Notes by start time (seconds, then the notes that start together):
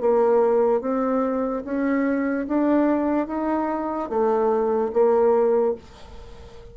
0.00 A#3
0.81 C4
1.64 C#4
2.47 D4
3.27 D#4
4.09 A3
4.93 A#3